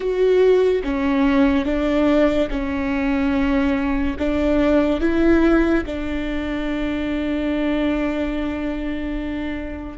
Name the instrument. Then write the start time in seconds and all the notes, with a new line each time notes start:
viola
0.00 F#4
0.83 C#4
1.65 D4
2.50 C#4
4.19 D4
5.00 E4
5.86 D4